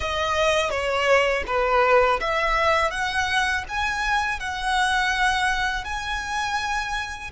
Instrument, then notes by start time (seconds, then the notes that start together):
violin
0.00 D#5
0.70 C#5
1.46 B4
2.20 E5
2.90 F#5
3.68 G#5
4.39 F#5
5.84 G#5